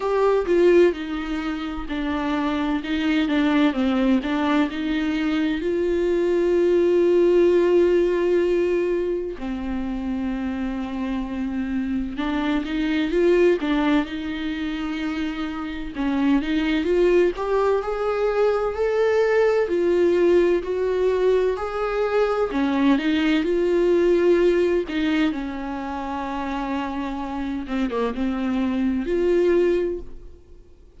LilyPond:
\new Staff \with { instrumentName = "viola" } { \time 4/4 \tempo 4 = 64 g'8 f'8 dis'4 d'4 dis'8 d'8 | c'8 d'8 dis'4 f'2~ | f'2 c'2~ | c'4 d'8 dis'8 f'8 d'8 dis'4~ |
dis'4 cis'8 dis'8 f'8 g'8 gis'4 | a'4 f'4 fis'4 gis'4 | cis'8 dis'8 f'4. dis'8 cis'4~ | cis'4. c'16 ais16 c'4 f'4 | }